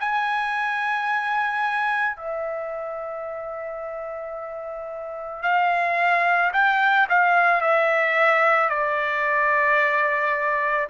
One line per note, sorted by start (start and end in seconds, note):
0.00 2.16 G#5
2.16 5.43 E5
5.43 6.52 F5
6.53 7.08 G5
7.10 7.62 F5
7.62 8.70 E5
8.70 10.88 D5